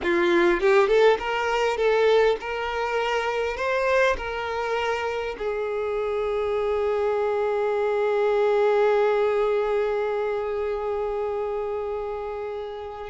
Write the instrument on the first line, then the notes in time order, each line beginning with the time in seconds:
violin
0.02 F4
0.60 G4
0.87 A4
1.19 A#4
1.77 A4
2.40 A#4
3.56 C5
4.17 A#4
5.38 G#4